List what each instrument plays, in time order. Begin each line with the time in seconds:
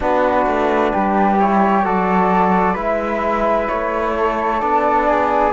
0.00 cello B3, trombone D4, flute F#4 B4
0.46 cello A3
0.92 cello G3, flute G4
1.38 trombone E4, flute C#5
1.83 cello F#3, trombone F#4, flute A4 D5
2.73 cello G#3, trombone E4, flute B4
2.79 flute E5
3.68 cello A3, flute C#5
4.17 flute A4
4.60 cello B3, trombone D4, flute D5
5.08 flute G#4